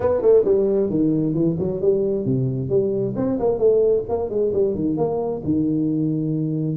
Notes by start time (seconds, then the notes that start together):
0.00 B3
0.21 A3
0.44 G3
0.90 D#3
1.33 E3
1.58 F#3
1.81 G3
2.25 C3
2.69 G3
3.16 C4
3.39 A#3
3.58 A3
4.08 A#3
4.29 G#3
4.53 G3
4.75 D#3
4.97 A#3
5.44 D#3